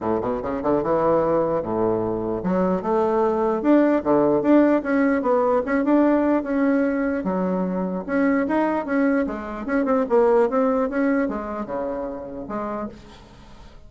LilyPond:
\new Staff \with { instrumentName = "bassoon" } { \time 4/4 \tempo 4 = 149 a,8 b,8 cis8 d8 e2 | a,2 fis4 a4~ | a4 d'4 d4 d'4 | cis'4 b4 cis'8 d'4. |
cis'2 fis2 | cis'4 dis'4 cis'4 gis4 | cis'8 c'8 ais4 c'4 cis'4 | gis4 cis2 gis4 | }